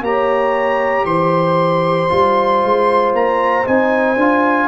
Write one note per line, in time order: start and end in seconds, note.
0.00 1.03 A#3
0.00 2.08 G4
0.00 1.07 C#5
0.00 1.05 A#5
1.04 2.08 E3
1.04 4.67 C5
1.04 3.12 C6
2.08 2.63 G3
2.08 3.64 F4
2.63 3.13 G#3
3.13 3.65 A#3
3.13 3.66 A#5
3.64 4.16 C4
3.64 4.16 D#4
3.64 4.67 G#5
4.16 4.67 D4
4.16 4.67 F4